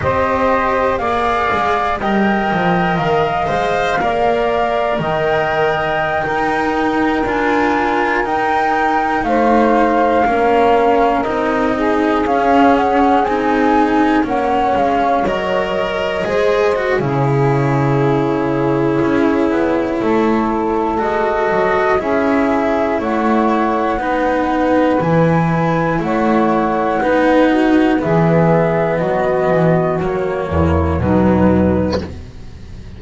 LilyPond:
<<
  \new Staff \with { instrumentName = "flute" } { \time 4/4 \tempo 4 = 60 dis''4 f''4 g''4 f''4~ | f''4 g''2~ g''16 gis''8.~ | gis''16 g''4 f''2 dis''8.~ | dis''16 f''8 fis''8 gis''4 fis''8 f''8 dis''8.~ |
dis''4 cis''2.~ | cis''4 dis''4 e''4 fis''4~ | fis''4 gis''4 fis''2 | e''4 dis''4 cis''4 b'4 | }
  \new Staff \with { instrumentName = "saxophone" } { \time 4/4 c''4 d''4 dis''2 | d''4 dis''4~ dis''16 ais'4.~ ais'16~ | ais'4~ ais'16 c''4 ais'4. gis'16~ | gis'2~ gis'16 cis''4.~ cis''16~ |
cis''16 c''8. gis'2. | a'2 gis'4 cis''4 | b'2 cis''4 b'8 fis'8 | gis'4 fis'4. e'8 dis'4 | }
  \new Staff \with { instrumentName = "cello" } { \time 4/4 g'4 gis'4 ais'4. c''8 | ais'2~ ais'16 dis'4 f'8.~ | f'16 dis'2 cis'4 dis'8.~ | dis'16 cis'4 dis'4 cis'4 ais'8.~ |
ais'16 gis'8 fis'16 e'2.~ | e'4 fis'4 e'2 | dis'4 e'2 dis'4 | b2 ais4 fis4 | }
  \new Staff \with { instrumentName = "double bass" } { \time 4/4 c'4 ais8 gis8 g8 f8 dis8 gis8 | ais4 dis4~ dis16 dis'4 d'8.~ | d'16 dis'4 a4 ais4 c'8.~ | c'16 cis'4 c'4 ais8 gis8 fis8.~ |
fis16 gis8. cis2 cis'8 b8 | a4 gis8 fis8 cis'4 a4 | b4 e4 a4 b4 | e4 fis8 e8 fis8 e,8 b,4 | }
>>